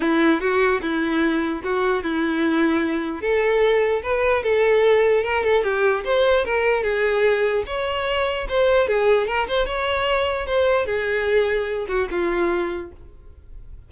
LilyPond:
\new Staff \with { instrumentName = "violin" } { \time 4/4 \tempo 4 = 149 e'4 fis'4 e'2 | fis'4 e'2. | a'2 b'4 a'4~ | a'4 ais'8 a'8 g'4 c''4 |
ais'4 gis'2 cis''4~ | cis''4 c''4 gis'4 ais'8 c''8 | cis''2 c''4 gis'4~ | gis'4. fis'8 f'2 | }